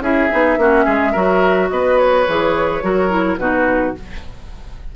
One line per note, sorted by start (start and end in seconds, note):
0.00 0.28 C#4
0.00 0.30 E4
0.00 0.59 G#4
0.00 1.70 E5
0.31 0.57 B3
0.31 0.59 D#4
0.57 0.86 A#3
0.57 1.14 C#4
0.57 0.85 F#4
0.85 1.15 G#3
0.85 1.12 G#4
1.12 1.71 F#3
1.12 2.26 F#4
1.12 1.68 A#4
1.70 2.28 B3
1.70 2.84 B4
1.70 1.98 D#5
1.98 3.38 C#5
2.28 2.83 E3
2.28 2.82 G#4
2.82 3.38 F#3
2.82 3.10 F#4
2.82 3.40 A#4
3.10 3.38 E4
3.38 3.94 B2
3.38 3.95 D#4
3.38 3.96 F#4
3.38 3.94 B4